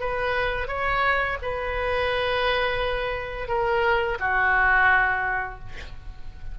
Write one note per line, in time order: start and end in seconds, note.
0.00 0.68 B4
0.68 1.37 C#5
1.42 3.48 B4
3.48 4.18 A#4
4.20 5.59 F#4